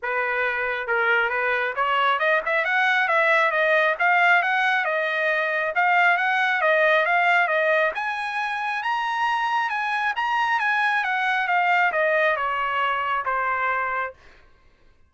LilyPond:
\new Staff \with { instrumentName = "trumpet" } { \time 4/4 \tempo 4 = 136 b'2 ais'4 b'4 | cis''4 dis''8 e''8 fis''4 e''4 | dis''4 f''4 fis''4 dis''4~ | dis''4 f''4 fis''4 dis''4 |
f''4 dis''4 gis''2 | ais''2 gis''4 ais''4 | gis''4 fis''4 f''4 dis''4 | cis''2 c''2 | }